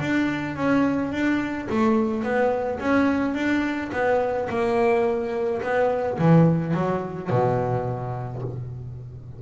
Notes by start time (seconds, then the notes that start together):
0.00 D4
0.56 C#4
1.12 D4
1.70 A3
2.23 B3
2.80 C#4
3.35 D4
3.92 B3
4.49 A#3
5.62 B3
6.19 E3
6.74 F#3
7.30 B2